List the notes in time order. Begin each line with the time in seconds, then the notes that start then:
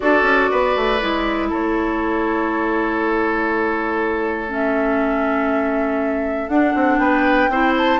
0.00 D4 F#4 A4 D5
0.22 C#4
0.50 B3 B4
0.76 A3
1.00 G#3 E4
1.49 A3 A4 C#5
4.48 C#4 E5
6.48 D4 F#5
6.74 C4
6.98 B3 B4 G5
7.48 C4 E4 C5
7.77 A5